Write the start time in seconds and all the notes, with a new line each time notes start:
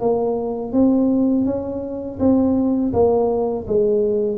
0.00 A#3
0.72 C4
1.45 C#4
2.19 C4
2.93 A#3
3.67 G#3